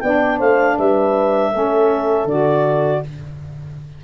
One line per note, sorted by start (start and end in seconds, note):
0.00 0.40 B3
0.00 1.52 D4
0.00 0.38 D5
0.00 0.38 G5
0.38 0.77 A3
0.38 0.76 C5
0.38 0.77 F5
0.78 1.53 G3
0.78 1.52 B4
0.78 2.28 E5
1.52 2.25 A3
1.52 2.27 C#4
1.52 3.02 A4
2.25 3.00 D3
2.25 3.04 F#4
2.25 3.03 D5